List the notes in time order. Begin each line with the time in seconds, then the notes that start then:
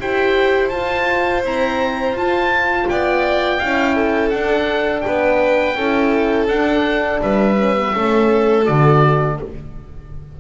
0.00 E4 G4 C5 G5
0.69 F4 A5
1.43 C4 E4 A#5
2.12 F4 A5
2.89 B3 D5 G5
3.59 C#4 E4 F5
3.95 A4
4.30 D4 F#5
5.01 B4 G5
5.07 B3
5.76 C#4 E4 A4
6.48 D4 F#5
7.22 G3 B4 E5
7.57 C#4
7.76 B3
7.93 A3 C#4 A4
8.64 D3 F#4 D5